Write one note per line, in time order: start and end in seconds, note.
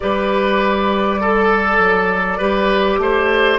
0.00 1.78 G3
0.00 1.21 G4
0.00 1.21 B4
0.00 3.58 D5
1.21 2.38 A4
1.21 2.40 A4
1.78 2.38 F#3
2.38 2.98 G3
2.38 3.58 G4
2.38 2.98 B4
2.98 3.58 A3
2.98 3.58 C5